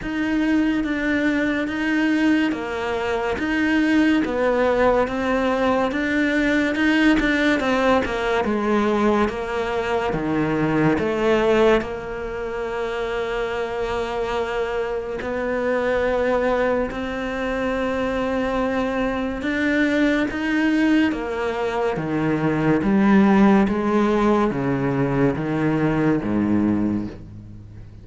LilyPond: \new Staff \with { instrumentName = "cello" } { \time 4/4 \tempo 4 = 71 dis'4 d'4 dis'4 ais4 | dis'4 b4 c'4 d'4 | dis'8 d'8 c'8 ais8 gis4 ais4 | dis4 a4 ais2~ |
ais2 b2 | c'2. d'4 | dis'4 ais4 dis4 g4 | gis4 cis4 dis4 gis,4 | }